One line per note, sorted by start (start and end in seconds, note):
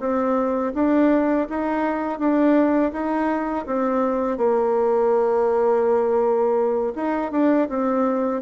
0.00 0.73 C4
0.74 1.47 D4
1.49 2.19 D#4
2.19 2.92 D4
2.92 3.66 D#4
3.67 4.37 C4
4.37 6.93 A#3
6.96 7.32 D#4
7.32 7.68 D4
7.69 8.42 C4